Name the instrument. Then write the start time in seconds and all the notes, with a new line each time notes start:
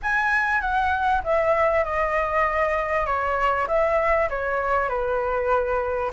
flute
0.02 G#5
0.60 F#5
1.23 E5
1.84 D#5
3.06 C#5
3.67 E5
4.29 C#5
4.88 B4